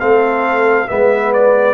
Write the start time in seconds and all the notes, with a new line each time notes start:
0.00 A3 C4 A4 F5
0.88 G#3 B3 B4 E5
1.34 D5